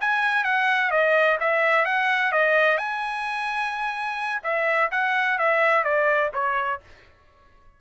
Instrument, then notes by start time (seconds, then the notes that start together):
trumpet
0.00 G#5
0.44 F#5
0.91 D#5
1.40 E5
1.85 F#5
2.32 D#5
2.77 G#5
4.43 E5
4.91 F#5
5.38 E5
5.84 D5
6.33 C#5